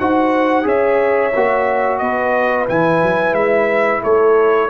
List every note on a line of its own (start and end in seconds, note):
0.00 0.65 D#4
0.00 0.63 F#4
0.00 0.66 C5
0.00 0.68 F#5
0.63 1.33 C#4
0.63 1.31 G#4
0.63 2.01 C#5
0.63 1.99 E5
1.36 2.01 A#3
1.36 2.68 F#4
1.99 2.68 B3
1.99 4.02 B4
1.99 2.66 D#5
2.68 3.03 E3
2.68 4.70 E4
2.68 3.35 G#5
3.03 3.33 F#3
3.33 4.01 G#3
3.33 4.02 E5
4.02 4.70 A3
4.02 4.70 A4
4.02 4.70 C#5